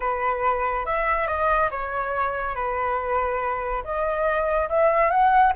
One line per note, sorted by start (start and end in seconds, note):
0.00 0.85 B4
0.85 1.27 E5
1.27 1.69 D#5
1.70 2.55 C#5
2.55 3.83 B4
3.83 4.68 D#5
4.69 5.10 E5
5.10 5.52 F#5